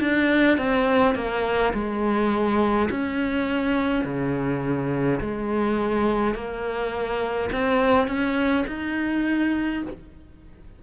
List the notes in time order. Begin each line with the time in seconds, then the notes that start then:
0.00 D4
0.57 C4
1.15 A#3
1.73 G#3
2.90 C#4
4.04 C#3
5.20 G#3
6.34 A#3
7.52 C4
8.07 C#4
8.67 D#4